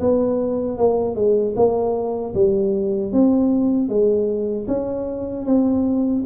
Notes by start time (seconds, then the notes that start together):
0.00 B3
0.78 A#3
1.15 G#3
1.56 A#3
2.34 G3
3.12 C4
3.89 G#3
4.68 C#4
5.46 C4